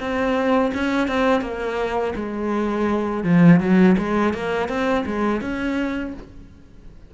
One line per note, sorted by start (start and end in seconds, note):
0.00 0.72 C4
0.74 1.08 C#4
1.08 1.42 C4
1.42 2.14 A#3
2.16 3.24 G#3
3.24 3.60 F3
3.60 3.96 F#3
3.98 4.34 G#3
4.34 4.69 A#3
4.69 5.05 C4
5.06 5.41 G#3
5.41 6.13 C#4